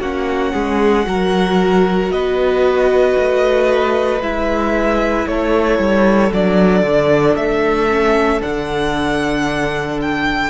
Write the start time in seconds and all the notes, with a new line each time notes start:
0.00 A#3 C#4 F#4 F#5
0.53 G#3 G#4
1.05 F#3 F#4 A#4
2.11 B3 B4 D#5
3.18 A3
4.21 G#3 E4 E5
5.27 A3 A4 C#5
5.79 G3
6.32 F#3 D4 D5
6.83 D3
7.36 A3 E5
7.89 C#4
8.41 D3 D4 F#5
10.02 G5